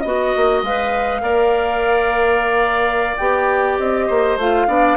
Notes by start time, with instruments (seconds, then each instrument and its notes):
0.00 bassoon B3, clarinet F#4, flute D#5, oboe D#5
0.36 bassoon A#3
0.63 bassoon G#3, clarinet B4, flute F5
1.22 bassoon A#3, clarinet A#4, oboe D5
3.18 bassoon B3, clarinet G4, flute G5
3.78 bassoon C4, flute D#5
4.07 bassoon A#3, oboe C5
4.37 bassoon A3, clarinet F4, flute F5
4.68 bassoon B3, clarinet D4, oboe D5